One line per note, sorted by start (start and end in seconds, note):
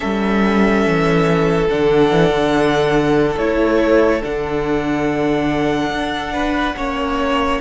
0.00 0.85 G3
0.00 1.68 C#4
0.00 6.33 A4
0.00 1.67 E5
0.85 1.70 E3
1.69 2.11 D3
1.69 3.38 D4
1.69 3.38 F#5
2.11 2.30 E3
2.30 3.35 D3
3.37 4.22 A3
3.37 4.21 E4
3.37 4.22 C#5
4.21 5.89 D3
4.21 6.75 D4
4.21 7.61 F#5
5.89 6.74 D4
6.33 6.75 B4
6.76 7.60 A#3
6.76 7.61 C#4
6.76 7.61 C#5